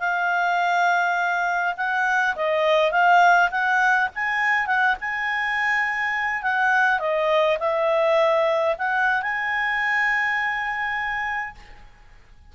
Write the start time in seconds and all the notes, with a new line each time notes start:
0.00 F5
1.77 F#5
2.36 D#5
2.92 F5
3.51 F#5
4.15 G#5
4.67 F#5
5.01 G#5
6.43 F#5
7.00 D#5
7.60 E5
8.79 F#5
9.22 G#5